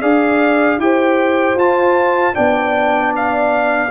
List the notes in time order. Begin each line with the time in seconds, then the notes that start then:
0.00 D4 G#4 D5 F5
0.78 E4 G4 C5 G5
1.55 F4 A5
2.33 B3 D4 D5 G5
3.16 F5